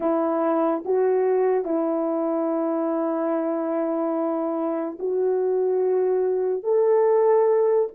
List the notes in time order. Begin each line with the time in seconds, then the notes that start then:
0.00 E4
0.85 F#4
1.64 E4
4.99 F#4
6.63 A4